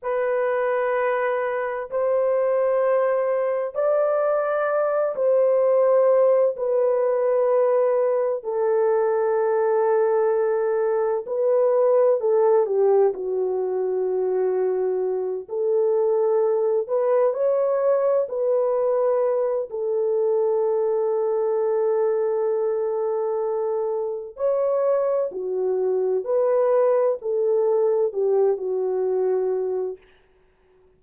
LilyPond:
\new Staff \with { instrumentName = "horn" } { \time 4/4 \tempo 4 = 64 b'2 c''2 | d''4. c''4. b'4~ | b'4 a'2. | b'4 a'8 g'8 fis'2~ |
fis'8 a'4. b'8 cis''4 b'8~ | b'4 a'2.~ | a'2 cis''4 fis'4 | b'4 a'4 g'8 fis'4. | }